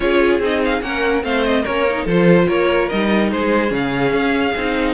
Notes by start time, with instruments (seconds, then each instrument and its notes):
0.00 cello C#4, viola F4, violin G#4 C#5
0.39 cello C4, viola D#4, violin D#5
0.64 violin F5
0.81 cello A#3, viola C#4, violin A#4 F#5
1.22 cello A3, viola C4, violin C5 F5
1.44 violin D#5
1.62 cello A#3, viola C#4, violin A#4 C#5
1.89 viola D#4
2.04 cello F3, viola F4, violin A4 C5
2.47 cello A#3, violin A#4 C#5
2.88 cello G3, viola D#4, violin D#5
3.30 cello G#3, violin G#4 C5
3.68 cello C#3, viola C#4
3.74 violin F5
4.12 cello C#4
4.55 cello C4, viola D#4